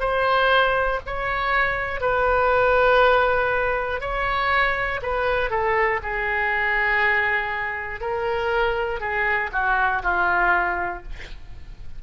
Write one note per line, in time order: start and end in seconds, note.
0.00 1.00 C5
1.07 2.01 C#5
2.01 4.01 B4
4.01 5.01 C#5
5.02 5.50 B4
5.50 6.00 A4
6.03 8.01 G#4
8.01 9.00 A#4
9.00 9.50 G#4
9.53 10.03 F#4
10.03 11.03 F4